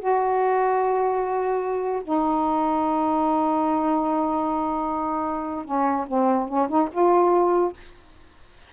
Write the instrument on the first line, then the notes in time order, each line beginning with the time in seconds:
saxophone
0.00 F#4
2.04 D#4
5.65 C#4
6.08 C4
6.48 C#4
6.69 D#4
6.92 F4